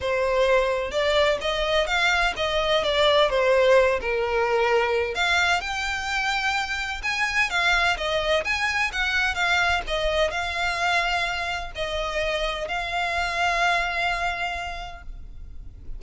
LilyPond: \new Staff \with { instrumentName = "violin" } { \time 4/4 \tempo 4 = 128 c''2 d''4 dis''4 | f''4 dis''4 d''4 c''4~ | c''8 ais'2~ ais'8 f''4 | g''2. gis''4 |
f''4 dis''4 gis''4 fis''4 | f''4 dis''4 f''2~ | f''4 dis''2 f''4~ | f''1 | }